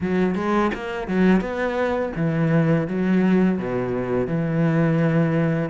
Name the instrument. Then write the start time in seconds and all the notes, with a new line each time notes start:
cello
0.01 F#3
0.35 G#3
0.74 A#3
1.07 F#3
1.40 B3
2.16 E3
2.87 F#3
3.58 B2
4.27 E3